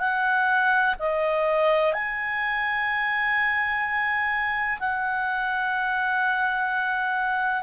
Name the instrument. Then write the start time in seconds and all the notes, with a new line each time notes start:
clarinet
0.00 F#5
1.00 D#5
1.94 G#5
4.80 F#5